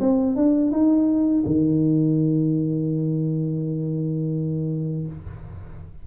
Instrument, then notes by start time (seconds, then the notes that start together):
tuba
0.00 C4
0.36 D4
0.71 D#4
1.46 D#3